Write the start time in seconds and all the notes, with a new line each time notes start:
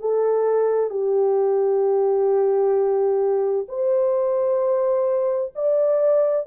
0.00 A4
0.90 G4
3.68 C5
5.56 D5